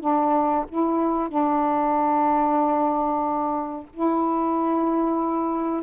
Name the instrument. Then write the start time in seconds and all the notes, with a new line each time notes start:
saxophone
0.00 D4
0.69 E4
1.28 D4
3.93 E4